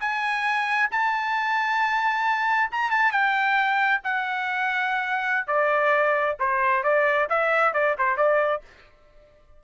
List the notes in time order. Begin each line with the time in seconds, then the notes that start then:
0.00 G#5
0.91 A5
2.72 A#5
2.91 A5
3.12 G5
4.04 F#5
5.47 D5
6.39 C5
6.84 D5
7.29 E5
7.74 D5
7.98 C5
8.17 D5